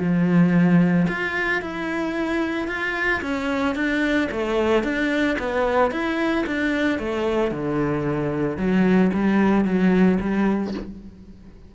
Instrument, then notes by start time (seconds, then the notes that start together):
cello
0.00 F3
1.09 F4
1.62 E4
2.68 F4
3.22 C#4
3.75 D4
4.32 A3
4.84 D4
5.39 B3
5.91 E4
6.47 D4
6.99 A3
7.52 D3
8.58 F#3
9.14 G3
9.65 F#3
10.21 G3